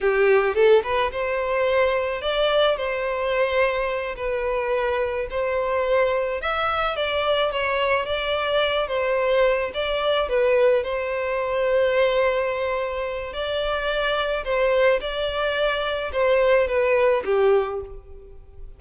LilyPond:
\new Staff \with { instrumentName = "violin" } { \time 4/4 \tempo 4 = 108 g'4 a'8 b'8 c''2 | d''4 c''2~ c''8 b'8~ | b'4. c''2 e''8~ | e''8 d''4 cis''4 d''4. |
c''4. d''4 b'4 c''8~ | c''1 | d''2 c''4 d''4~ | d''4 c''4 b'4 g'4 | }